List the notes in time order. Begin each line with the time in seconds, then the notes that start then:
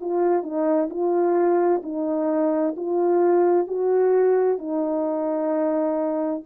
0.00 F4
0.42 D#4
0.89 F4
1.83 D#4
2.76 F4
3.67 F#4
4.58 D#4